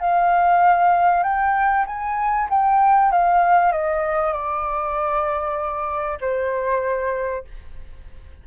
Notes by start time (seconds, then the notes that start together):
0.00 F5
1.23 G5
1.86 G#5
2.49 G5
3.12 F5
3.72 D#5
4.33 D5
6.21 C5